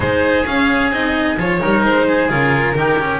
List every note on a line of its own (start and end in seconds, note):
0.00 0.45 G#3
0.00 0.44 D#4
0.00 1.56 G#4
0.00 0.45 C5
0.45 0.90 C#4
0.45 0.91 C#4
0.45 0.91 F5
0.90 1.36 C4
0.90 1.37 D#4
0.90 1.37 D#5
1.37 1.60 F3
1.37 1.60 F4
1.37 1.84 C#5
1.60 1.83 G3
1.60 2.29 D#4
1.60 2.06 A#4
1.83 2.29 G#3
1.83 2.30 C5
2.06 2.75 G#4
2.29 2.75 C#3
2.29 2.75 F4
2.29 3.19 A#4
2.75 3.19 D#3
2.75 2.98 D#4
2.75 3.19 G4
2.99 3.19 C#4